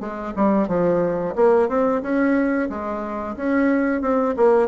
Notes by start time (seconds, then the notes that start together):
0.00 G#3
0.36 G3
0.68 F3
1.35 A#3
1.68 C4
2.02 C#4
2.69 G#3
3.36 C#4
4.01 C4
4.36 A#3